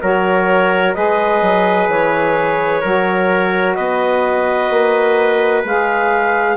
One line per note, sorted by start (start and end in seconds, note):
0.00 0.96 F#3
0.00 0.94 F#4
0.00 0.95 A#4
0.00 0.94 C#5
0.94 1.42 G#3
0.94 2.81 G#4
0.94 2.81 B4
0.94 1.87 D#5
1.42 1.88 F#3
1.88 2.81 E3
1.88 3.74 C#5
2.81 3.77 F#3
2.81 5.63 F#4
2.81 3.75 A#4
3.74 4.70 B3
3.74 6.56 B4
3.74 5.62 D#5
4.70 5.64 A#3
5.64 6.56 G#3
5.64 6.56 G#4
5.64 6.56 F5